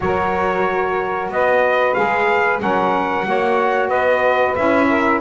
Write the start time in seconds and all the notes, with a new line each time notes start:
0.00 F#3 F#4 A#4 C#5
1.29 B3 B4 D#5
1.94 G#3 G#4 F5
2.59 F#3 C#4 A#4 F#5
3.24 A#3 F#4 C#5
3.88 B3 B4 D#5
4.55 C#4 E4 E5
4.89 A#4